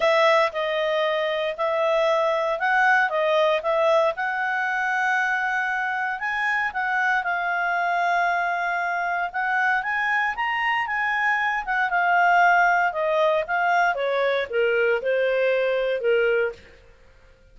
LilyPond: \new Staff \with { instrumentName = "clarinet" } { \time 4/4 \tempo 4 = 116 e''4 dis''2 e''4~ | e''4 fis''4 dis''4 e''4 | fis''1 | gis''4 fis''4 f''2~ |
f''2 fis''4 gis''4 | ais''4 gis''4. fis''8 f''4~ | f''4 dis''4 f''4 cis''4 | ais'4 c''2 ais'4 | }